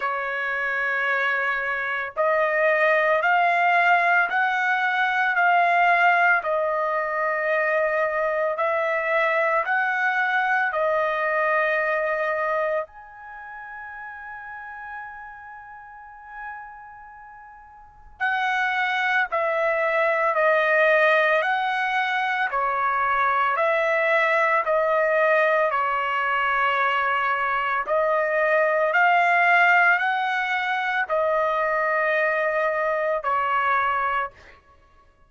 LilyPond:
\new Staff \with { instrumentName = "trumpet" } { \time 4/4 \tempo 4 = 56 cis''2 dis''4 f''4 | fis''4 f''4 dis''2 | e''4 fis''4 dis''2 | gis''1~ |
gis''4 fis''4 e''4 dis''4 | fis''4 cis''4 e''4 dis''4 | cis''2 dis''4 f''4 | fis''4 dis''2 cis''4 | }